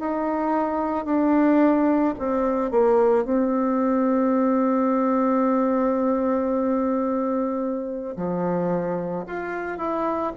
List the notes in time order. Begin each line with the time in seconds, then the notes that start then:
0.00 D#4
1.06 D4
2.19 C4
2.71 A#3
3.25 C4
8.17 F3
9.27 F4
9.78 E4